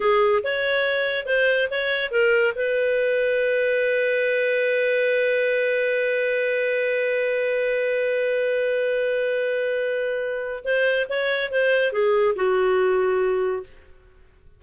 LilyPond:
\new Staff \with { instrumentName = "clarinet" } { \time 4/4 \tempo 4 = 141 gis'4 cis''2 c''4 | cis''4 ais'4 b'2~ | b'1~ | b'1~ |
b'1~ | b'1~ | b'4 c''4 cis''4 c''4 | gis'4 fis'2. | }